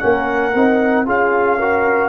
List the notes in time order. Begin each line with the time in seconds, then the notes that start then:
0.00 A#3 C#4 A#4 F#5
0.55 C4 D#4
1.06 C#4 F4 G#4 F5
1.59 F#4 A#4